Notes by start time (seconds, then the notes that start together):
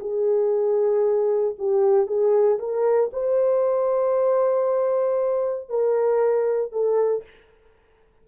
0.00 G#4
1.58 G4
2.07 G#4
2.59 A#4
3.13 C5
5.69 A#4
6.72 A4